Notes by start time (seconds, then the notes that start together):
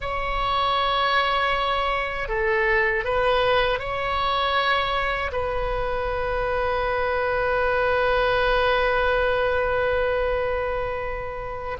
0.00 C#5
2.28 A4
3.04 B4
3.79 C#5
5.32 B4